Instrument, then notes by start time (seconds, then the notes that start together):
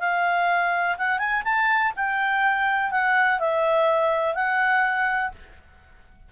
clarinet
0.00 F5
0.98 F#5
1.19 G#5
1.45 A5
1.97 G5
2.92 F#5
3.40 E5
4.35 F#5